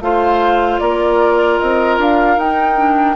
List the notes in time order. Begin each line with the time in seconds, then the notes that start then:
0.00 A3 F4 C5 F5
0.79 A#3 A#4 D5
1.58 C4 D#5
1.98 D4 F5
2.36 D#4 G5
2.76 D4